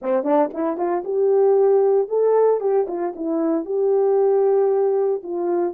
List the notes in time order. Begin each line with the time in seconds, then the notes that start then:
0.01 C4
0.23 D4
0.53 E4
0.77 F4
1.04 G4
2.08 A4
2.60 G4
2.87 F4
3.15 E4
3.65 G4
5.23 F4